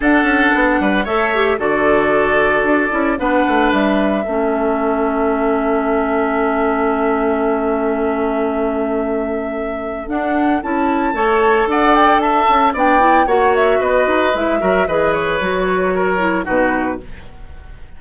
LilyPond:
<<
  \new Staff \with { instrumentName = "flute" } { \time 4/4 \tempo 4 = 113 fis''2 e''4 d''4~ | d''2 fis''4 e''4~ | e''1~ | e''1~ |
e''2. fis''4 | a''2 fis''8 g''8 a''4 | g''4 fis''8 e''8 dis''4 e''4 | dis''8 cis''2~ cis''8 b'4 | }
  \new Staff \with { instrumentName = "oboe" } { \time 4/4 a'4. b'8 cis''4 a'4~ | a'2 b'2 | a'1~ | a'1~ |
a'1~ | a'4 cis''4 d''4 e''4 | d''4 cis''4 b'4. ais'8 | b'2 ais'4 fis'4 | }
  \new Staff \with { instrumentName = "clarinet" } { \time 4/4 d'2 a'8 g'8 fis'4~ | fis'4. e'8 d'2 | cis'1~ | cis'1~ |
cis'2. d'4 | e'4 a'2. | d'8 e'8 fis'2 e'8 fis'8 | gis'4 fis'4. e'8 dis'4 | }
  \new Staff \with { instrumentName = "bassoon" } { \time 4/4 d'8 cis'8 b8 g8 a4 d4~ | d4 d'8 cis'8 b8 a8 g4 | a1~ | a1~ |
a2. d'4 | cis'4 a4 d'4. cis'8 | b4 ais4 b8 dis'8 gis8 fis8 | e4 fis2 b,4 | }
>>